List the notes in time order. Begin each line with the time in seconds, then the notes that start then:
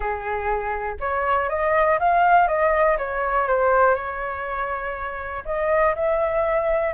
0.00 G#4
1.00 C#5
1.49 D#5
1.99 F5
2.47 D#5
2.98 C#5
3.47 C5
3.94 C#5
5.45 D#5
5.95 E5